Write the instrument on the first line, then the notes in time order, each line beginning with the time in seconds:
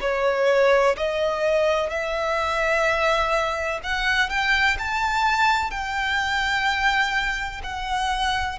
violin
0.00 C#5
0.97 D#5
1.89 E5
3.83 F#5
4.29 G5
4.78 A5
5.70 G5
7.63 F#5